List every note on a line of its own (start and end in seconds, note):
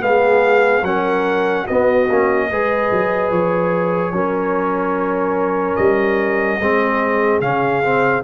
0.00 0.82 G#3
0.00 0.82 B3
0.00 0.85 G#4
0.00 0.84 F5
0.82 1.64 F#3
0.82 1.67 C#4
0.82 1.65 A#4
0.82 1.66 F#5
1.65 2.09 B3
1.65 2.47 F#4
1.65 3.31 D#5
2.09 2.50 A#3
2.09 2.51 C#4
2.49 2.91 G#3
2.49 4.13 G#4
2.49 4.14 B4
2.91 3.31 F#3
3.31 4.12 F3
3.31 5.75 C#5
4.12 5.76 F#3
4.12 6.60 C#4
4.12 6.60 A#4
5.75 6.59 G3
5.75 7.40 D#5
6.59 7.40 G#3
6.59 7.42 C4
6.59 8.23 G#4
7.40 8.22 C#3
7.40 7.83 C#4
7.40 8.23 F5
7.83 8.23 C4